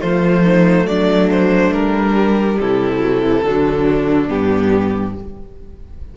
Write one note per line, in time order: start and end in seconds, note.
0.00 0.84 F3
0.00 2.14 A3
0.00 0.43 F4
0.00 0.86 C5
0.43 0.86 D#4
0.84 1.70 F#3
0.84 2.59 D4
0.84 1.29 D5
1.30 1.73 C5
1.72 2.57 G3
1.72 2.59 A#4
2.14 2.98 G3
2.59 3.43 C3
2.59 3.45 E4
2.59 4.28 A4
2.98 3.20 F#3
3.21 3.43 E3
3.43 4.29 D3
3.43 4.27 F#3
3.43 5.16 D4
4.27 5.14 G2
4.27 5.13 B3
4.27 5.14 G4